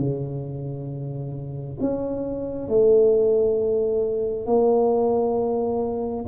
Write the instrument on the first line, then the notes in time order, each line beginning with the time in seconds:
tuba
0.00 C#3
1.81 C#4
2.69 A3
4.47 A#3